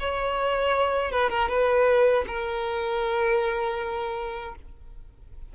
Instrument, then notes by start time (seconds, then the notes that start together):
violin
0.00 C#5
1.12 B4
1.30 A#4
1.49 B4
2.28 A#4